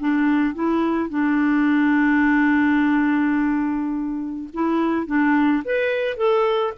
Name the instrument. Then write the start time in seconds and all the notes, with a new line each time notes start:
clarinet
0.00 D4
0.55 E4
1.10 D4
4.54 E4
5.07 D4
5.65 B4
6.17 A4